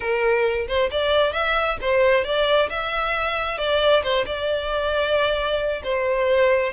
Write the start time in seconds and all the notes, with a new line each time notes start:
0.00 A#4
0.67 C5
0.91 D5
1.32 E5
1.81 C5
2.24 D5
2.69 E5
3.58 D5
4.03 C5
4.25 D5
5.83 C5